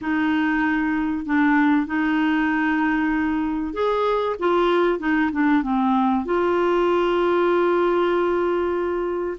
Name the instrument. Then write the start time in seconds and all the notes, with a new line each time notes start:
clarinet
0.01 D#4
1.25 D4
1.86 D#4
3.73 G#4
4.39 F4
4.99 D#4
5.32 D4
5.62 C4
6.25 F4